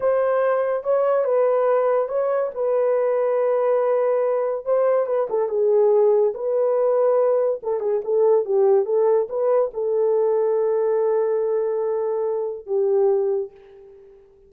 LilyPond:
\new Staff \with { instrumentName = "horn" } { \time 4/4 \tempo 4 = 142 c''2 cis''4 b'4~ | b'4 cis''4 b'2~ | b'2. c''4 | b'8 a'8 gis'2 b'4~ |
b'2 a'8 gis'8 a'4 | g'4 a'4 b'4 a'4~ | a'1~ | a'2 g'2 | }